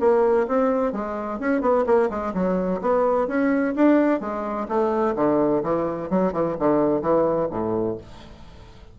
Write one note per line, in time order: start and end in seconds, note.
0.00 0.47 A#3
0.48 0.93 C4
0.93 1.40 G#3
1.40 1.61 C#4
1.61 1.85 B3
1.86 2.10 A#3
2.10 2.33 G#3
2.34 2.81 F#3
2.81 3.28 B3
3.28 3.75 C#4
3.76 4.20 D4
4.20 4.67 G#3
4.69 5.15 A3
5.16 5.63 D3
5.63 6.10 E3
6.10 6.33 F#3
6.33 6.56 E3
6.59 7.02 D3
7.02 7.49 E3
7.51 7.98 A2